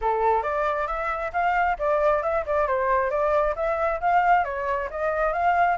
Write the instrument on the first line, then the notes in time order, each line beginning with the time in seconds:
flute
0.01 A4
0.42 D5
0.87 E5
1.32 F5
1.78 D5
2.22 E5
2.45 D5
2.67 C5
3.10 D5
3.55 E5
4.00 F5
4.44 C#5
4.90 D#5
5.32 F5